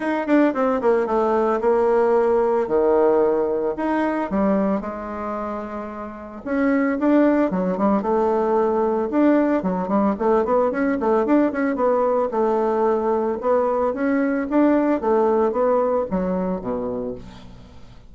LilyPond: \new Staff \with { instrumentName = "bassoon" } { \time 4/4 \tempo 4 = 112 dis'8 d'8 c'8 ais8 a4 ais4~ | ais4 dis2 dis'4 | g4 gis2. | cis'4 d'4 fis8 g8 a4~ |
a4 d'4 fis8 g8 a8 b8 | cis'8 a8 d'8 cis'8 b4 a4~ | a4 b4 cis'4 d'4 | a4 b4 fis4 b,4 | }